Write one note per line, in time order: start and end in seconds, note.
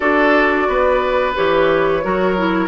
0.00 0.67 D4
0.00 1.33 F#4
0.00 0.67 A4
0.00 1.33 D5
0.67 1.35 B3
0.67 2.04 B4
1.35 2.04 E3
1.35 2.01 G4
1.35 2.67 C#5
2.01 2.67 F#3
2.01 2.35 F#4
2.01 2.67 A#4
2.37 2.67 E4